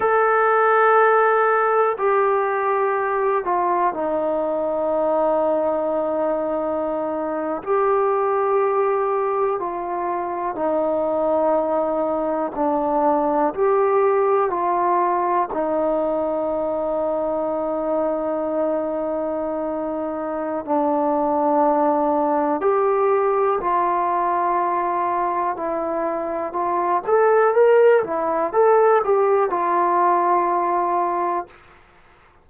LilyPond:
\new Staff \with { instrumentName = "trombone" } { \time 4/4 \tempo 4 = 61 a'2 g'4. f'8 | dis'2.~ dis'8. g'16~ | g'4.~ g'16 f'4 dis'4~ dis'16~ | dis'8. d'4 g'4 f'4 dis'16~ |
dis'1~ | dis'4 d'2 g'4 | f'2 e'4 f'8 a'8 | ais'8 e'8 a'8 g'8 f'2 | }